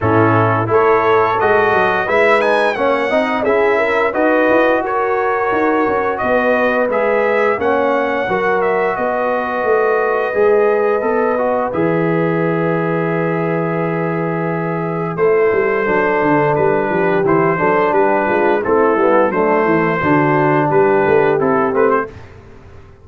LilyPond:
<<
  \new Staff \with { instrumentName = "trumpet" } { \time 4/4 \tempo 4 = 87 a'4 cis''4 dis''4 e''8 gis''8 | fis''4 e''4 dis''4 cis''4~ | cis''4 dis''4 e''4 fis''4~ | fis''8 e''8 dis''2.~ |
dis''4 e''2.~ | e''2 c''2 | b'4 c''4 b'4 a'4 | c''2 b'4 a'8 b'16 c''16 | }
  \new Staff \with { instrumentName = "horn" } { \time 4/4 e'4 a'2 b'4 | cis''8 dis''8 gis'8 ais'8 b'4 ais'4~ | ais'4 b'2 cis''4 | ais'4 b'2.~ |
b'1~ | b'2 a'2~ | a'8 g'4 a'8 g'8 f'8 e'4 | d'8 e'8 fis'4 g'2 | }
  \new Staff \with { instrumentName = "trombone" } { \time 4/4 cis'4 e'4 fis'4 e'8 dis'8 | cis'8 dis'8 e'4 fis'2~ | fis'2 gis'4 cis'4 | fis'2. gis'4 |
a'8 fis'8 gis'2.~ | gis'2 e'4 d'4~ | d'4 e'8 d'4. c'8 b8 | a4 d'2 e'8 c'8 | }
  \new Staff \with { instrumentName = "tuba" } { \time 4/4 a,4 a4 gis8 fis8 gis4 | ais8 c'8 cis'4 dis'8 e'8 fis'4 | dis'8 cis'8 b4 gis4 ais4 | fis4 b4 a4 gis4 |
b4 e2.~ | e2 a8 g8 fis8 d8 | g8 f8 e8 fis8 g8 gis8 a8 g8 | fis8 e8 d4 g8 a8 c'8 a8 | }
>>